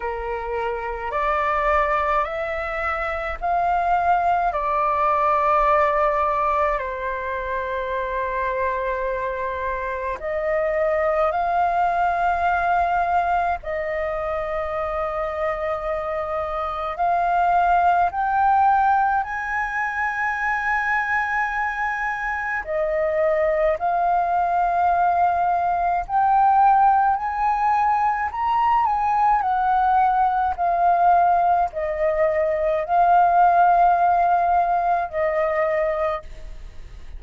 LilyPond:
\new Staff \with { instrumentName = "flute" } { \time 4/4 \tempo 4 = 53 ais'4 d''4 e''4 f''4 | d''2 c''2~ | c''4 dis''4 f''2 | dis''2. f''4 |
g''4 gis''2. | dis''4 f''2 g''4 | gis''4 ais''8 gis''8 fis''4 f''4 | dis''4 f''2 dis''4 | }